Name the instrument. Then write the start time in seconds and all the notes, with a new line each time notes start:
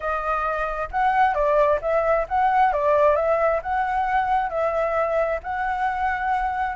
flute
0.00 D#5
0.91 F#5
1.34 D5
1.81 E5
2.28 F#5
2.73 D5
3.15 E5
3.62 F#5
4.49 E5
5.43 F#5